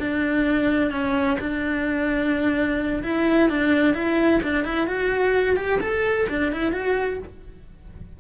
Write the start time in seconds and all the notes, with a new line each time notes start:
0.00 D4
0.92 C#4
1.40 D4
3.03 E4
3.50 D4
3.95 E4
4.43 D4
4.64 E4
4.87 F#4
5.56 G4
5.81 A4
6.29 D4
6.52 E4
6.73 F#4